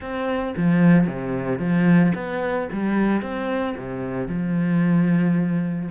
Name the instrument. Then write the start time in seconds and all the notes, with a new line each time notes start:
cello
0.00 C4
0.56 F3
1.07 C3
1.59 F3
2.14 B3
2.72 G3
3.22 C4
3.77 C3
4.28 F3